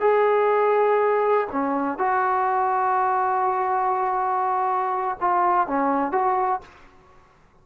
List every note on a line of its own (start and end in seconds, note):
0.00 1.48 G#4
1.52 1.98 C#4
1.98 5.18 F#4
5.20 5.67 F4
5.67 6.12 C#4
6.12 6.61 F#4